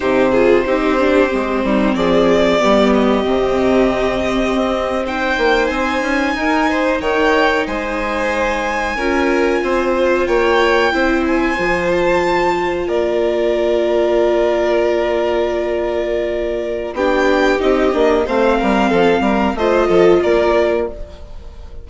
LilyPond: <<
  \new Staff \with { instrumentName = "violin" } { \time 4/4 \tempo 4 = 92 c''2. d''4~ | d''8 dis''2.~ dis''16 g''16~ | g''8. gis''2 g''4 gis''16~ | gis''2.~ gis''8. g''16~ |
g''4~ g''16 gis''4 a''4. d''16~ | d''1~ | d''2 g''4 dis''4 | f''2 dis''4 d''4 | }
  \new Staff \with { instrumentName = "violin" } { \time 4/4 g'8 gis'8 g'4. dis'8 gis'4 | g'2.~ g'8. c''16~ | c''4.~ c''16 ais'8 c''8 cis''4 c''16~ | c''4.~ c''16 ais'4 c''4 cis''16~ |
cis''8. c''2. ais'16~ | ais'1~ | ais'2 g'2 | c''8 ais'8 a'8 ais'8 c''8 a'8 ais'4 | }
  \new Staff \with { instrumentName = "viola" } { \time 4/4 dis'8 f'8 dis'8 d'8 c'2 | b4 c'2~ c'8. dis'16~ | dis'1~ | dis'4.~ dis'16 f'2~ f'16~ |
f'8. e'4 f'2~ f'16~ | f'1~ | f'2 d'4 dis'8 d'8 | c'2 f'2 | }
  \new Staff \with { instrumentName = "bassoon" } { \time 4/4 c4 c'4 gis8 g8 f4 | g4 c2 c'4~ | c'16 ais8 c'8 cis'8 dis'4 dis4 gis16~ | gis4.~ gis16 cis'4 c'4 ais16~ |
ais8. c'4 f2 ais16~ | ais1~ | ais2 b4 c'8 ais8 | a8 g8 f8 g8 a8 f8 ais4 | }
>>